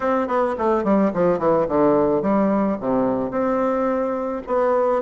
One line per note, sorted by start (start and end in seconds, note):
0.00 0.27 C4
0.27 0.55 B3
0.58 0.84 A3
0.84 1.11 G3
1.13 1.38 F3
1.38 1.66 E3
1.67 2.21 D3
2.21 2.77 G3
2.80 3.30 C3
3.30 4.41 C4
4.46 5.02 B3